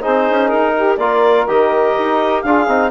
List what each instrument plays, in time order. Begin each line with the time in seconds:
0.00 trombone D#4, saxophone G#4, clarinet C5
0.06 bassoon C4
0.29 bassoon C#4
0.48 bassoon D#4, clarinet A#4
0.75 saxophone G4
0.97 bassoon A#3, trombone F4, saxophone A#4, clarinet D5
1.47 bassoon D#3, trombone G4, clarinet D#5
1.98 bassoon D#4
2.42 bassoon D4, trombone F4, saxophone G#4, clarinet F5
2.67 bassoon C4, trombone D#4